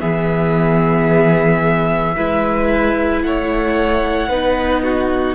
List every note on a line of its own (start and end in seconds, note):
0.00 2.16 E3
0.00 2.14 B3
0.00 2.15 G#4
0.00 3.22 E5
2.16 3.23 G#3
2.16 4.30 E4
2.16 3.23 B4
3.22 4.29 A3
3.22 4.28 C#5
3.22 5.35 F#5
4.28 5.35 B3
4.28 5.35 D#4
4.28 4.82 B4
4.83 5.35 F#4